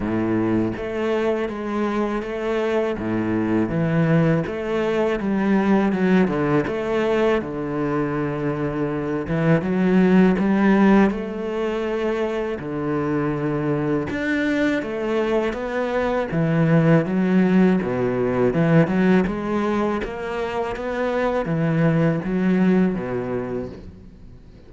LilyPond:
\new Staff \with { instrumentName = "cello" } { \time 4/4 \tempo 4 = 81 a,4 a4 gis4 a4 | a,4 e4 a4 g4 | fis8 d8 a4 d2~ | d8 e8 fis4 g4 a4~ |
a4 d2 d'4 | a4 b4 e4 fis4 | b,4 e8 fis8 gis4 ais4 | b4 e4 fis4 b,4 | }